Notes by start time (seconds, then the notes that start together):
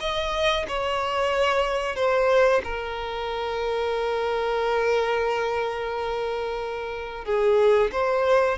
0.00 D#5
0.68 C#5
1.96 C5
2.64 A#4
7.25 G#4
7.92 C5